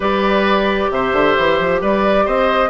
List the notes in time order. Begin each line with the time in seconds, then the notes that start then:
0.00 G3 G4 B4 D5
0.90 C3 C5 E5
1.13 D3
1.38 E3
1.59 F3
1.81 G3 B4 D5
2.25 C4 C5 D#5